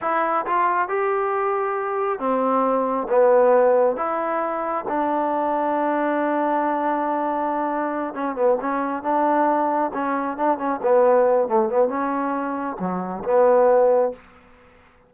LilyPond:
\new Staff \with { instrumentName = "trombone" } { \time 4/4 \tempo 4 = 136 e'4 f'4 g'2~ | g'4 c'2 b4~ | b4 e'2 d'4~ | d'1~ |
d'2~ d'8 cis'8 b8 cis'8~ | cis'8 d'2 cis'4 d'8 | cis'8 b4. a8 b8 cis'4~ | cis'4 fis4 b2 | }